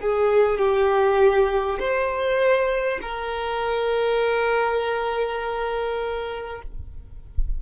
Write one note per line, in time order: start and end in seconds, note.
0.00 0.58 G#4
0.58 1.78 G4
1.79 2.99 C5
3.02 6.62 A#4